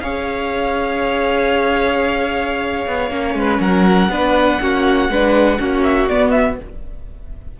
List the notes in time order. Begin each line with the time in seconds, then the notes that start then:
0.00 C#4 G#4 C#5 F5
2.86 B3
3.10 A#3 C#4
3.34 G#3 B4
3.59 F#3 A#4 F#5
4.08 B3 D4 B4
4.61 A#3 C#4 F#4
5.09 G#3 D4 B4
5.58 A#3 C#4 F#4
5.83 E5
6.08 B3 D5
6.31 E5